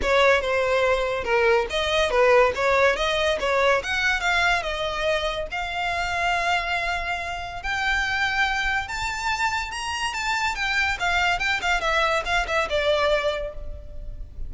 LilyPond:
\new Staff \with { instrumentName = "violin" } { \time 4/4 \tempo 4 = 142 cis''4 c''2 ais'4 | dis''4 b'4 cis''4 dis''4 | cis''4 fis''4 f''4 dis''4~ | dis''4 f''2.~ |
f''2 g''2~ | g''4 a''2 ais''4 | a''4 g''4 f''4 g''8 f''8 | e''4 f''8 e''8 d''2 | }